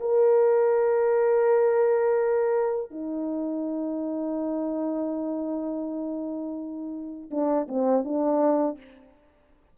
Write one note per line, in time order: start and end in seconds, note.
0.00 2.91 A#4
2.91 7.30 D#4
7.31 7.67 D4
7.68 8.05 C4
8.05 8.78 D4